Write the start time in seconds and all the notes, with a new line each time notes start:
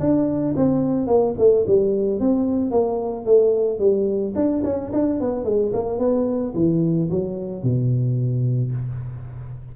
0.00 D4
0.56 C4
1.07 A#3
1.38 A3
1.67 G3
2.20 C4
2.71 A#3
3.25 A3
3.79 G3
4.35 D4
4.64 C#4
4.93 D4
5.20 B3
5.45 G#3
5.74 A#3
5.99 B3
6.55 E3
7.11 F#3
7.63 B2